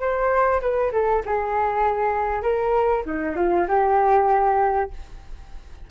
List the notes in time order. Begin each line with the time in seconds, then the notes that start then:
0.00 C5
0.62 B4
0.92 A4
1.26 G#4
2.43 A#4
3.06 D#4
3.36 F4
3.68 G4